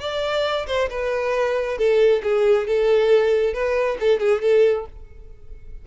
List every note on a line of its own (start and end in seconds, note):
0.00 0.66 D5
0.67 0.89 C5
0.90 1.78 B4
1.78 2.22 A4
2.23 2.67 G#4
2.67 3.54 A4
3.54 3.98 B4
4.00 4.20 A4
4.20 4.41 G#4
4.41 4.85 A4